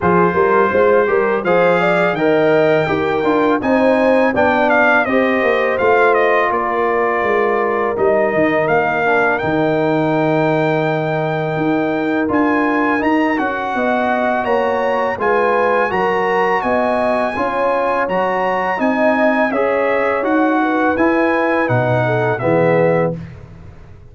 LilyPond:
<<
  \new Staff \with { instrumentName = "trumpet" } { \time 4/4 \tempo 4 = 83 c''2 f''4 g''4~ | g''4 gis''4 g''8 f''8 dis''4 | f''8 dis''8 d''2 dis''4 | f''4 g''2.~ |
g''4 gis''4 ais''8 fis''4. | ais''4 gis''4 ais''4 gis''4~ | gis''4 ais''4 gis''4 e''4 | fis''4 gis''4 fis''4 e''4 | }
  \new Staff \with { instrumentName = "horn" } { \time 4/4 gis'8 ais'8 c''8 ais'8 c''8 d''8 dis''4 | ais'4 c''4 d''4 c''4~ | c''4 ais'2.~ | ais'1~ |
ais'2. dis''4 | cis''4 b'4 ais'4 dis''4 | cis''2 dis''4 cis''4~ | cis''8 b'2 a'8 gis'4 | }
  \new Staff \with { instrumentName = "trombone" } { \time 4/4 f'4. g'8 gis'4 ais'4 | g'8 f'8 dis'4 d'4 g'4 | f'2. dis'4~ | dis'8 d'8 dis'2.~ |
dis'4 f'4 dis'8 fis'4.~ | fis'4 f'4 fis'2 | f'4 fis'4 dis'4 gis'4 | fis'4 e'4 dis'4 b4 | }
  \new Staff \with { instrumentName = "tuba" } { \time 4/4 f8 g8 gis8 g8 f4 dis4 | dis'8 d'8 c'4 b4 c'8 ais8 | a4 ais4 gis4 g8 dis8 | ais4 dis2. |
dis'4 d'4 dis'8 cis'8 b4 | ais4 gis4 fis4 b4 | cis'4 fis4 c'4 cis'4 | dis'4 e'4 b,4 e4 | }
>>